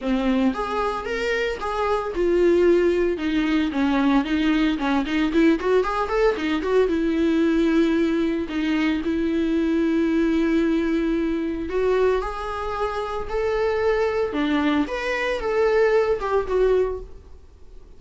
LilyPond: \new Staff \with { instrumentName = "viola" } { \time 4/4 \tempo 4 = 113 c'4 gis'4 ais'4 gis'4 | f'2 dis'4 cis'4 | dis'4 cis'8 dis'8 e'8 fis'8 gis'8 a'8 | dis'8 fis'8 e'2. |
dis'4 e'2.~ | e'2 fis'4 gis'4~ | gis'4 a'2 d'4 | b'4 a'4. g'8 fis'4 | }